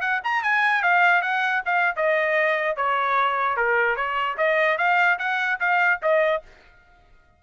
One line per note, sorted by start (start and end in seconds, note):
0.00 0.20 F#5
0.23 0.43 A#5
0.43 0.82 G#5
0.82 1.21 F5
1.21 1.62 F#5
1.65 1.95 F5
1.96 2.76 D#5
2.76 3.56 C#5
3.56 3.96 A#4
3.96 4.36 C#5
4.37 4.77 D#5
4.77 5.18 F5
5.18 5.59 F#5
5.59 6.00 F5
6.02 6.42 D#5